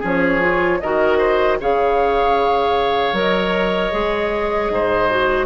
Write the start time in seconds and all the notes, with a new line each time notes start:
0.00 F3 C#4 G#4
0.06 C#5
0.41 F4
0.81 D#3 F#4 A#4 D#5
1.18 C5
1.60 C#3 G#4 C#5 F5
3.13 F#3 A#4 D#5
3.92 G#3 G#4
4.70 G#2 C5
5.10 F#4